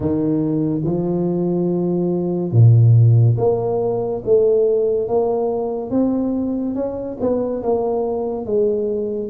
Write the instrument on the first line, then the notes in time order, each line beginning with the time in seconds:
tuba
0.00 D#3
0.84 F3
2.52 A#2
3.37 A#3
4.24 A3
5.08 A#3
5.90 C4
6.75 C#4
7.20 B3
7.62 A#3
8.45 G#3